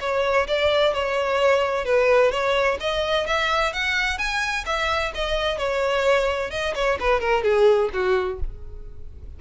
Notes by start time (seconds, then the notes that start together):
0.00 C#5
0.47 D5
0.93 C#5
1.85 B4
2.31 C#5
2.80 D#5
3.26 E5
3.73 F#5
4.18 G#5
4.66 E5
5.14 D#5
5.58 C#5
6.50 D#5
6.75 C#5
7.00 B4
7.20 A#4
7.43 G#4
7.93 F#4